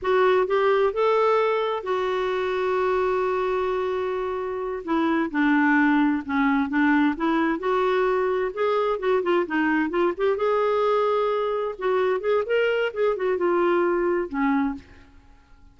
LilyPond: \new Staff \with { instrumentName = "clarinet" } { \time 4/4 \tempo 4 = 130 fis'4 g'4 a'2 | fis'1~ | fis'2~ fis'8 e'4 d'8~ | d'4. cis'4 d'4 e'8~ |
e'8 fis'2 gis'4 fis'8 | f'8 dis'4 f'8 g'8 gis'4.~ | gis'4. fis'4 gis'8 ais'4 | gis'8 fis'8 f'2 cis'4 | }